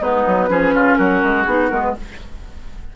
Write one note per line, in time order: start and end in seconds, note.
0.00 0.24 G#3
0.00 0.48 B3
0.00 0.49 D#4
0.00 0.95 B4
0.26 0.49 F#3
0.48 0.73 F3
0.48 1.45 C#4
0.48 0.74 G#4
0.73 0.98 C#3
0.73 0.97 F4
0.95 1.22 F#3
0.95 1.94 F#4
0.95 1.43 A#4
1.22 1.46 G#3
1.43 1.70 B3
1.43 1.70 D#4
1.43 1.67 G#4
1.70 1.96 G#3
1.70 1.94 B3
1.70 1.82 A#4
1.82 1.94 B4